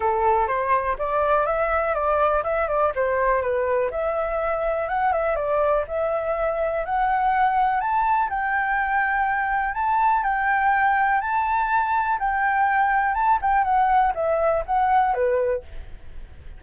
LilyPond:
\new Staff \with { instrumentName = "flute" } { \time 4/4 \tempo 4 = 123 a'4 c''4 d''4 e''4 | d''4 e''8 d''8 c''4 b'4 | e''2 fis''8 e''8 d''4 | e''2 fis''2 |
a''4 g''2. | a''4 g''2 a''4~ | a''4 g''2 a''8 g''8 | fis''4 e''4 fis''4 b'4 | }